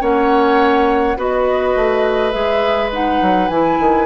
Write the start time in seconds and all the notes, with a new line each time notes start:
0.00 A#3 C#4 C#5 F#5
1.16 B3 F#4 B4 D#5
1.75 A3
2.31 G#3 G#4 E5
2.92 D#4 F#5
3.21 F#3
3.48 E3 E4 G#5
3.80 D#3